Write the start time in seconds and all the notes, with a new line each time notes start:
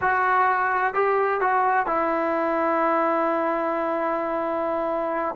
0.01 F#4
0.94 G4
1.40 F#4
1.86 E4